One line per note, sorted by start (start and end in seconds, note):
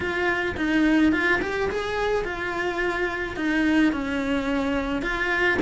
0.00 0.55 F4
0.57 1.12 D#4
1.12 1.40 F4
1.41 1.69 G4
1.70 2.24 G#4
2.24 3.36 F4
3.36 3.92 D#4
3.92 5.02 C#4
5.02 5.58 F4